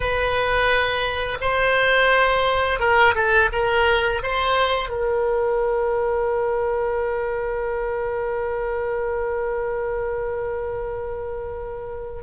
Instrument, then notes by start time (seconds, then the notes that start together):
oboe
0.00 B4
1.40 C5
2.79 A#4
3.14 A4
3.52 A#4
4.22 C5
4.89 A#4